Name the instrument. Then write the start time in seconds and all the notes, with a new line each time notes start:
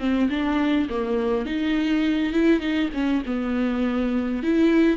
viola
0.00 C4
0.30 D4
0.90 A#3
1.46 D#4
2.33 E4
2.60 D#4
2.94 C#4
3.26 B3
4.44 E4